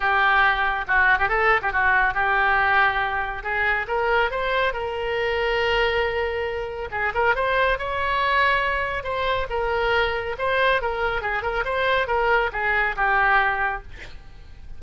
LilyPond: \new Staff \with { instrumentName = "oboe" } { \time 4/4 \tempo 4 = 139 g'2 fis'8. g'16 a'8. g'16 | fis'4 g'2. | gis'4 ais'4 c''4 ais'4~ | ais'1 |
gis'8 ais'8 c''4 cis''2~ | cis''4 c''4 ais'2 | c''4 ais'4 gis'8 ais'8 c''4 | ais'4 gis'4 g'2 | }